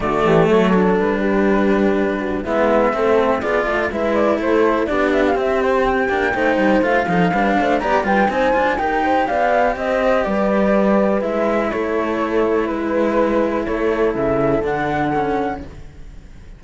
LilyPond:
<<
  \new Staff \with { instrumentName = "flute" } { \time 4/4 \tempo 4 = 123 d''4 cis''4 b'2~ | b'4 e''2 d''4 | e''8 d''8 c''4 d''8 e''16 f''16 e''8 c''8 | g''2 f''2 |
ais''8 g''8 gis''4 g''4 f''4 | dis''4 d''2 e''4 | cis''2 b'2 | cis''4 e''4 fis''2 | }
  \new Staff \with { instrumentName = "horn" } { \time 4/4 fis'8 g'8 a'4. g'4.~ | g'8 fis'8 e'4 a'4 gis'8 a'8 | b'4 a'4 g'2~ | g'4 c''4. a'8 b'8 c''8 |
d''8 b'8 c''4 ais'8 c''8 d''4 | c''4 b'2. | a'2 b'2 | a'1 | }
  \new Staff \with { instrumentName = "cello" } { \time 4/4 a4. d'2~ d'8~ | d'4 b4 c'4 f'4 | e'2 d'4 c'4~ | c'8 d'8 dis'4 f'8 dis'8 d'4 |
g'8 f'8 dis'8 f'8 g'2~ | g'2. e'4~ | e'1~ | e'2 d'4 cis'4 | }
  \new Staff \with { instrumentName = "cello" } { \time 4/4 d8 e8 fis4 g2~ | g4 gis4 a4 b8 a8 | gis4 a4 b4 c'4~ | c'8 ais8 a8 g8 a8 f8 g8 a8 |
b8 g8 c'8 d'8 dis'4 b4 | c'4 g2 gis4 | a2 gis2 | a4 cis4 d2 | }
>>